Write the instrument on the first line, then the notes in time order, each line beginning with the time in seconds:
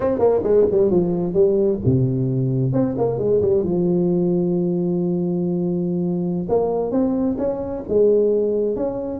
tuba
0.00 C4
0.18 A#3
0.43 G#3
0.71 G3
0.90 F3
1.33 G3
1.85 C3
2.73 C4
2.97 A#3
3.18 G#3
3.41 G3
3.63 F3
6.49 A#3
6.91 C4
7.38 C#4
7.88 G#3
8.75 C#4